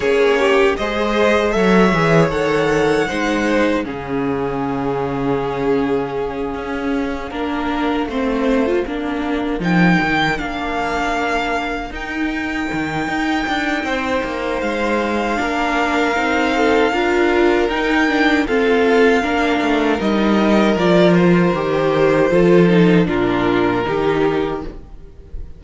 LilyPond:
<<
  \new Staff \with { instrumentName = "violin" } { \time 4/4 \tempo 4 = 78 cis''4 dis''4 e''4 fis''4~ | fis''4 f''2.~ | f''1~ | f''8 g''4 f''2 g''8~ |
g''2. f''4~ | f''2. g''4 | f''2 dis''4 d''8 c''8~ | c''2 ais'2 | }
  \new Staff \with { instrumentName = "violin" } { \time 4/4 gis'8 g'8 c''4 cis''2 | c''4 gis'2.~ | gis'4. ais'4 c''4 ais'8~ | ais'1~ |
ais'2 c''2 | ais'4. a'8 ais'2 | a'4 ais'2.~ | ais'4 a'4 f'4 g'4 | }
  \new Staff \with { instrumentName = "viola" } { \time 4/4 cis'4 gis'4 a'8 gis'8 a'4 | dis'4 cis'2.~ | cis'4. d'4 c'8. f'16 d'8~ | d'8 dis'4 d'2 dis'8~ |
dis'1 | d'4 dis'4 f'4 dis'8 d'8 | c'4 d'4 dis'4 f'4 | g'4 f'8 dis'8 d'4 dis'4 | }
  \new Staff \with { instrumentName = "cello" } { \time 4/4 ais4 gis4 fis8 e8 dis4 | gis4 cis2.~ | cis8 cis'4 ais4 a4 ais8~ | ais8 f8 dis8 ais2 dis'8~ |
dis'8 dis8 dis'8 d'8 c'8 ais8 gis4 | ais4 c'4 d'4 dis'4 | f'4 ais8 a8 g4 f4 | dis4 f4 ais,4 dis4 | }
>>